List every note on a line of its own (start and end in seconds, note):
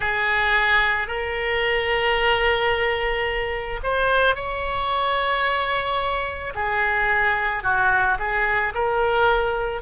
0.00 1.07 G#4
1.07 3.80 A#4
3.83 4.35 C5
4.35 6.53 C#5
6.55 7.63 G#4
7.63 8.18 F#4
8.18 8.73 G#4
8.74 9.81 A#4